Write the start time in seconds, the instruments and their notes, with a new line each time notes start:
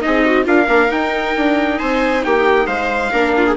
0.00 bassoon C4, viola D#4 G#4, trumpet D#5
0.25 viola F#4
0.44 bassoon D4, viola F4 A#4, trumpet F5
0.67 bassoon A#3, viola D4
0.89 viola D#4, bassoon D#4, trumpet G5
1.36 bassoon D4
1.79 bassoon C4, viola C5, trumpet G#5
2.24 bassoon A#3, viola G4, trumpet G5
2.66 bassoon G#3, viola C5, trumpet F5
3.11 bassoon A#3, viola D4 A#4
3.37 viola F4
3.46 viola G#4